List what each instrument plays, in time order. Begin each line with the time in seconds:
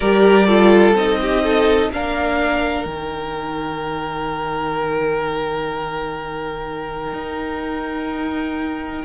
0.00 cello G3, viola G4, violin A#4 D5
0.46 viola F4, violin A4
0.93 cello C4, viola D#4, violin D#5
1.21 violin G4
1.43 violin A4
1.91 cello A#3, viola D4, violin A#4 F5
2.84 cello D#3, viola D#4, violin G5
7.12 cello D#4